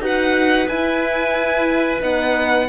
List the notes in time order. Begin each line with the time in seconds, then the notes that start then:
0.00 D#4 F#4 B4
0.06 F#5
0.68 E4 G#5
2.01 B3 D#4 F#5